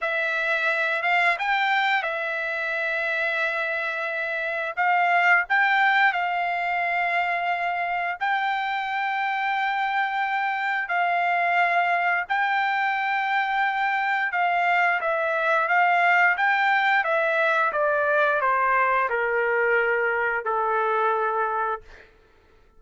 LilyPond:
\new Staff \with { instrumentName = "trumpet" } { \time 4/4 \tempo 4 = 88 e''4. f''8 g''4 e''4~ | e''2. f''4 | g''4 f''2. | g''1 |
f''2 g''2~ | g''4 f''4 e''4 f''4 | g''4 e''4 d''4 c''4 | ais'2 a'2 | }